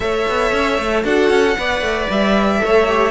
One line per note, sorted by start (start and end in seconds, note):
0.00 0.26 A3
0.00 1.03 A4
0.00 1.04 C#5
0.00 1.04 E5
0.27 0.52 B3
0.52 0.78 C#4
0.78 1.04 A3
1.03 1.29 D4
1.03 1.55 F#4
1.03 1.57 A4
1.03 2.09 F#5
1.29 1.56 C#4
1.57 1.80 B3
1.57 2.58 B4
1.57 2.63 D5
1.80 2.06 A3
2.09 2.62 G3
2.09 3.11 E5
2.58 3.11 A3
2.58 2.84 A4
2.58 3.11 C#5
2.88 3.11 G4